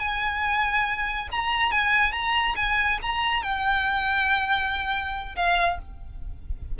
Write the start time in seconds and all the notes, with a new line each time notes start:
0.00 G#5
1.32 A#5
1.72 G#5
2.13 A#5
2.56 G#5
3.03 A#5
3.43 G5
5.36 F5